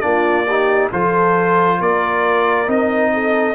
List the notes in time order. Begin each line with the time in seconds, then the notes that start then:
0.00 A#3 D4 F4 D5
0.46 D#4 G4
0.92 F3 F4 A4 C5
1.79 A#3 A#4 D5
2.66 C4 D#4 D#5
3.13 A4